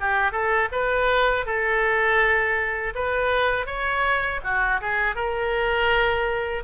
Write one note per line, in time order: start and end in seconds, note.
0.00 0.31 G4
0.31 0.68 A4
0.72 1.46 B4
1.46 2.94 A4
2.95 3.66 B4
3.66 4.40 C#5
4.43 4.80 F#4
4.81 5.15 G#4
5.15 6.63 A#4